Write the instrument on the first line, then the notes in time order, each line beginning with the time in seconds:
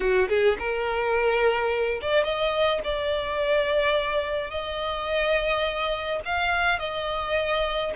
violin
0.00 F#4
0.29 G#4
0.58 A#4
2.01 D5
2.24 D#5
2.84 D5
4.50 D#5
6.25 F5
6.79 D#5